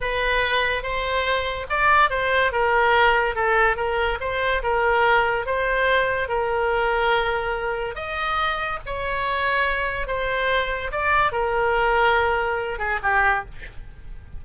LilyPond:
\new Staff \with { instrumentName = "oboe" } { \time 4/4 \tempo 4 = 143 b'2 c''2 | d''4 c''4 ais'2 | a'4 ais'4 c''4 ais'4~ | ais'4 c''2 ais'4~ |
ais'2. dis''4~ | dis''4 cis''2. | c''2 d''4 ais'4~ | ais'2~ ais'8 gis'8 g'4 | }